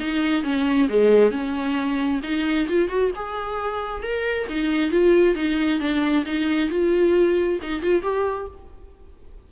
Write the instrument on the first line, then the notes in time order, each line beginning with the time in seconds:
viola
0.00 D#4
0.44 C#4
0.89 G#3
1.31 C#4
2.23 D#4
2.69 F4
2.89 F#4
3.16 G#4
4.03 A#4
4.49 D#4
4.91 F4
5.35 D#4
5.80 D4
6.26 D#4
6.70 F4
7.62 D#4
7.82 F4
8.03 G4